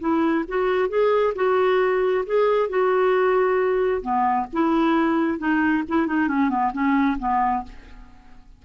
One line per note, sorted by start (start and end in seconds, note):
0.00 0.45 E4
0.48 0.89 F#4
0.89 1.34 G#4
1.35 2.25 F#4
2.26 2.69 G#4
2.69 4.02 F#4
4.02 4.47 B3
4.53 5.39 E4
5.39 5.83 D#4
5.89 6.07 E4
6.07 6.28 D#4
6.28 6.50 C#4
6.50 6.72 B3
6.73 7.18 C#4
7.19 7.64 B3